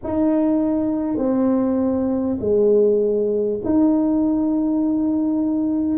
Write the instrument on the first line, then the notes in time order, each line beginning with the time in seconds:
tuba
0.03 D#4
1.17 C4
2.39 G#3
3.64 D#4